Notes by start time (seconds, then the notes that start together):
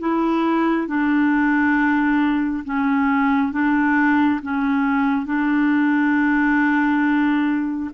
0.00 E4
0.88 D4
2.65 C#4
3.53 D4
4.43 C#4
5.26 D4